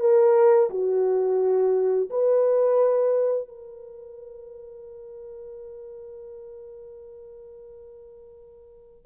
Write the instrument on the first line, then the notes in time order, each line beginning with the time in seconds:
horn
0.00 A#4
0.70 F#4
2.10 B4
3.48 A#4